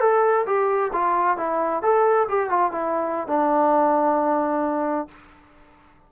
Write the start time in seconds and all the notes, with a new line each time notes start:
0.00 A4
0.46 G4
0.92 F4
1.37 E4
1.82 A4
2.28 G4
2.49 F4
2.71 E4
3.27 D4